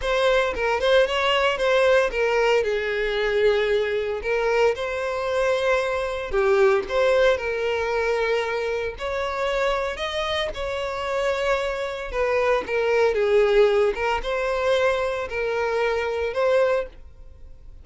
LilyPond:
\new Staff \with { instrumentName = "violin" } { \time 4/4 \tempo 4 = 114 c''4 ais'8 c''8 cis''4 c''4 | ais'4 gis'2. | ais'4 c''2. | g'4 c''4 ais'2~ |
ais'4 cis''2 dis''4 | cis''2. b'4 | ais'4 gis'4. ais'8 c''4~ | c''4 ais'2 c''4 | }